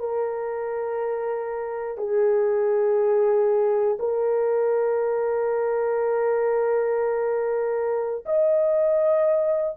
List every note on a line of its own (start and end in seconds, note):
0.00 1.98 A#4
1.98 3.98 G#4
4.00 8.25 A#4
8.25 9.75 D#5